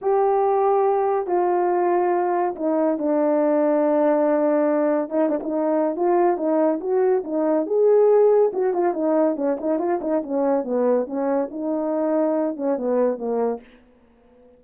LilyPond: \new Staff \with { instrumentName = "horn" } { \time 4/4 \tempo 4 = 141 g'2. f'4~ | f'2 dis'4 d'4~ | d'1 | dis'8 d'16 dis'4~ dis'16 f'4 dis'4 |
fis'4 dis'4 gis'2 | fis'8 f'8 dis'4 cis'8 dis'8 f'8 dis'8 | cis'4 b4 cis'4 dis'4~ | dis'4. cis'8 b4 ais4 | }